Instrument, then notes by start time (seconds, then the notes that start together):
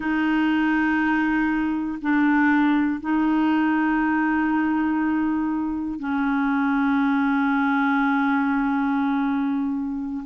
clarinet
0.00 D#4
2.01 D4
3.00 D#4
5.99 C#4